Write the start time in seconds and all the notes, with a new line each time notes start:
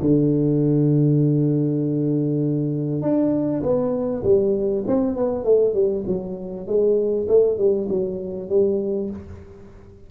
0.00 D3
3.01 D4
3.62 B3
4.23 G3
4.87 C4
5.16 B3
5.44 A3
5.74 G3
6.06 F#3
6.66 G#3
7.28 A3
7.57 G3
7.89 F#3
8.49 G3